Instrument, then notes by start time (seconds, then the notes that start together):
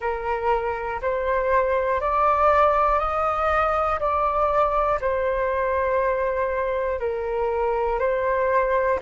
flute
0.00 A#4
1.01 C5
2.00 D5
2.99 D#5
4.00 D5
5.00 C5
7.00 A#4
7.99 C5